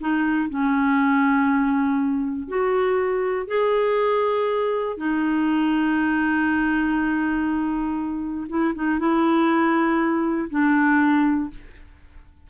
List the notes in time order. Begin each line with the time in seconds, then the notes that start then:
0.00 D#4
0.49 C#4
2.48 F#4
3.47 G#4
4.97 D#4
8.48 E4
8.75 D#4
8.99 E4
10.50 D4